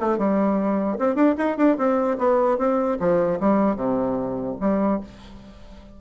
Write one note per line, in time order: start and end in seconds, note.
0.00 0.18 A3
0.18 0.98 G3
0.99 1.15 C4
1.15 1.35 D4
1.38 1.57 D#4
1.57 1.77 D4
1.77 2.17 C4
2.18 2.58 B3
2.58 2.98 C4
3.00 3.40 F3
3.40 3.76 G3
3.76 4.56 C3
4.61 5.01 G3